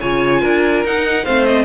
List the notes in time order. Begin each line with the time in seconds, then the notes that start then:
0.00 C#3 F4 C#5 G#5
0.41 D4 A#4
0.84 D#4 F#5
1.24 A3 C4 C5 F5
1.45 D#5